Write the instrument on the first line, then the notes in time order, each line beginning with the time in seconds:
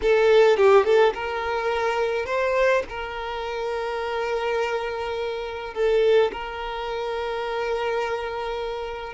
violin
0.02 A4
0.56 G4
0.84 A4
1.14 A#4
2.25 C5
2.89 A#4
5.74 A4
6.31 A#4